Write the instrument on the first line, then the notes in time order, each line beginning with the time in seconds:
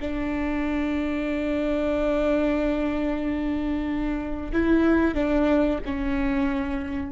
viola
0.00 D4
4.52 E4
5.14 D4
5.85 C#4